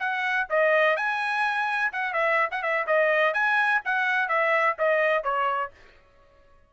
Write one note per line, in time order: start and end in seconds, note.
0.00 0.48 F#5
0.50 0.97 D#5
0.97 1.92 G#5
1.93 2.13 F#5
2.13 2.49 E5
2.52 2.63 F#5
2.63 2.86 E5
2.87 3.34 D#5
3.34 3.82 G#5
3.85 4.29 F#5
4.29 4.76 E5
4.79 5.24 D#5
5.24 5.72 C#5